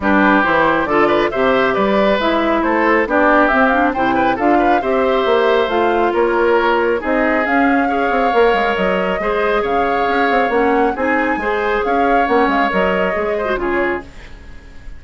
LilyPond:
<<
  \new Staff \with { instrumentName = "flute" } { \time 4/4 \tempo 4 = 137 b'4 c''4 d''4 e''4 | d''4 e''4 c''4 d''4 | e''8 f''8 g''4 f''4 e''4~ | e''4 f''4 cis''2 |
dis''4 f''2. | dis''2 f''2 | fis''4 gis''2 f''4 | fis''8 f''8 dis''2 cis''4 | }
  \new Staff \with { instrumentName = "oboe" } { \time 4/4 g'2 a'8 b'8 c''4 | b'2 a'4 g'4~ | g'4 c''8 b'8 a'8 b'8 c''4~ | c''2 ais'2 |
gis'2 cis''2~ | cis''4 c''4 cis''2~ | cis''4 gis'4 c''4 cis''4~ | cis''2~ cis''8 c''8 gis'4 | }
  \new Staff \with { instrumentName = "clarinet" } { \time 4/4 d'4 e'4 f'4 g'4~ | g'4 e'2 d'4 | c'8 d'8 e'4 f'4 g'4~ | g'4 f'2. |
dis'4 cis'4 gis'4 ais'4~ | ais'4 gis'2. | cis'4 dis'4 gis'2 | cis'4 ais'4 gis'8. fis'16 f'4 | }
  \new Staff \with { instrumentName = "bassoon" } { \time 4/4 g4 e4 d4 c4 | g4 gis4 a4 b4 | c'4 c4 d'4 c'4 | ais4 a4 ais2 |
c'4 cis'4. c'8 ais8 gis8 | fis4 gis4 cis4 cis'8 c'8 | ais4 c'4 gis4 cis'4 | ais8 gis8 fis4 gis4 cis4 | }
>>